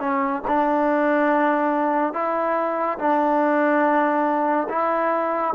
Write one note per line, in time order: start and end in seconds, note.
0.00 0.42 C#4
0.47 2.14 D4
2.14 2.98 E4
2.99 4.68 D4
4.69 5.54 E4